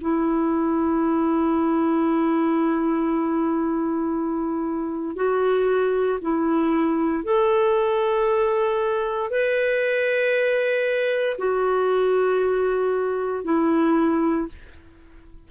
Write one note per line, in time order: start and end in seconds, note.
0.00 5.15 E4
5.15 6.19 F#4
6.21 7.23 E4
7.23 9.30 A4
9.30 11.37 B4
11.37 13.44 F#4
13.44 14.47 E4